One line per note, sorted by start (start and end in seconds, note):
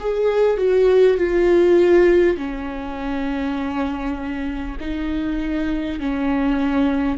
0.00 0.57 G#4
0.57 1.17 F#4
1.17 2.37 F4
2.37 4.77 C#4
4.80 6.00 D#4
6.00 7.17 C#4